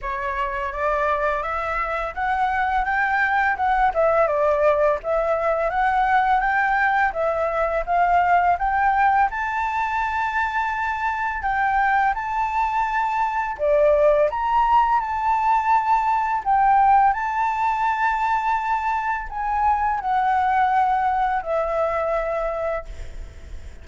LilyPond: \new Staff \with { instrumentName = "flute" } { \time 4/4 \tempo 4 = 84 cis''4 d''4 e''4 fis''4 | g''4 fis''8 e''8 d''4 e''4 | fis''4 g''4 e''4 f''4 | g''4 a''2. |
g''4 a''2 d''4 | ais''4 a''2 g''4 | a''2. gis''4 | fis''2 e''2 | }